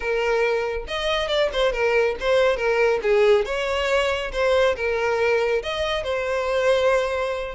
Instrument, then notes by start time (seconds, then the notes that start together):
violin
0.00 A#4
0.87 D#5
1.27 D5
1.52 C5
1.72 A#4
2.19 C5
2.56 A#4
3.02 G#4
3.45 C#5
4.32 C5
4.76 A#4
5.62 D#5
6.03 C5